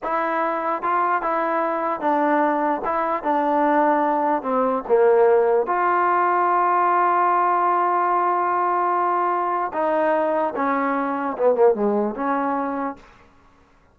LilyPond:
\new Staff \with { instrumentName = "trombone" } { \time 4/4 \tempo 4 = 148 e'2 f'4 e'4~ | e'4 d'2 e'4 | d'2. c'4 | ais2 f'2~ |
f'1~ | f'1 | dis'2 cis'2 | b8 ais8 gis4 cis'2 | }